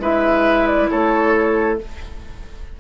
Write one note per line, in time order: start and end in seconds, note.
0.00 0.88 G#3
0.00 1.78 E4
0.00 0.90 B4
0.00 0.67 E5
0.67 0.90 D5
0.90 1.80 A3
0.90 1.79 A4
0.90 1.79 C#5